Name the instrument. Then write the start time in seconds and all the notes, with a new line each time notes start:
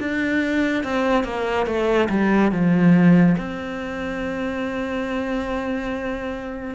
cello
0.00 D4
0.84 C4
1.24 A#3
1.66 A3
2.09 G3
2.52 F3
3.38 C4